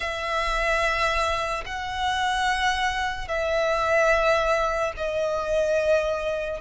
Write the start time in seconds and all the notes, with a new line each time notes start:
0.00 E5
1.65 F#5
3.28 E5
4.96 D#5